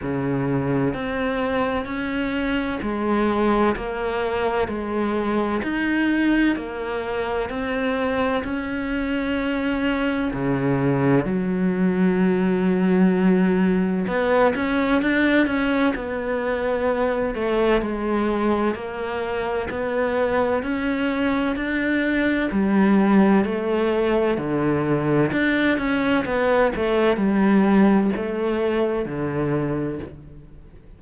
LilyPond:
\new Staff \with { instrumentName = "cello" } { \time 4/4 \tempo 4 = 64 cis4 c'4 cis'4 gis4 | ais4 gis4 dis'4 ais4 | c'4 cis'2 cis4 | fis2. b8 cis'8 |
d'8 cis'8 b4. a8 gis4 | ais4 b4 cis'4 d'4 | g4 a4 d4 d'8 cis'8 | b8 a8 g4 a4 d4 | }